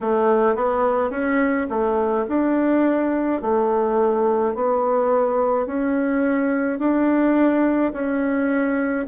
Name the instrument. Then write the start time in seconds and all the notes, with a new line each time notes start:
bassoon
0.00 A3
0.55 B3
1.10 C#4
1.69 A3
2.28 D4
3.41 A3
4.54 B3
5.66 C#4
6.79 D4
7.93 C#4